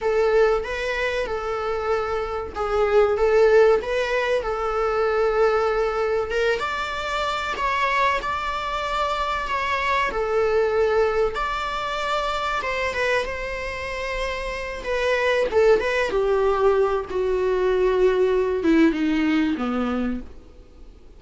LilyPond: \new Staff \with { instrumentName = "viola" } { \time 4/4 \tempo 4 = 95 a'4 b'4 a'2 | gis'4 a'4 b'4 a'4~ | a'2 ais'8 d''4. | cis''4 d''2 cis''4 |
a'2 d''2 | c''8 b'8 c''2~ c''8 b'8~ | b'8 a'8 b'8 g'4. fis'4~ | fis'4. e'8 dis'4 b4 | }